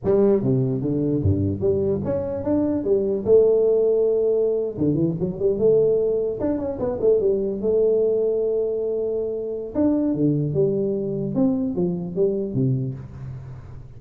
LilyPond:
\new Staff \with { instrumentName = "tuba" } { \time 4/4 \tempo 4 = 148 g4 c4 d4 g,4 | g4 cis'4 d'4 g4 | a2.~ a8. d16~ | d16 e8 fis8 g8 a2 d'16~ |
d'16 cis'8 b8 a8 g4 a4~ a16~ | a1 | d'4 d4 g2 | c'4 f4 g4 c4 | }